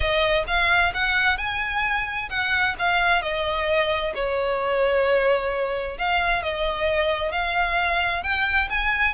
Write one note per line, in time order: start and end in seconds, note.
0.00 0.44 D#5
0.47 0.92 F5
0.93 1.37 F#5
1.37 2.29 G#5
2.29 2.75 F#5
2.78 3.22 F5
3.22 4.13 D#5
4.14 5.98 C#5
5.98 6.42 F5
6.42 7.31 D#5
7.31 8.23 F5
8.23 8.68 G5
8.69 9.14 G#5